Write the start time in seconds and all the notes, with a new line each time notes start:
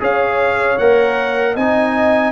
0.00 C#4 G#4 C#5 F5
0.78 A#3 A#4 F#5
1.54 C4 D#4 D#5 G#5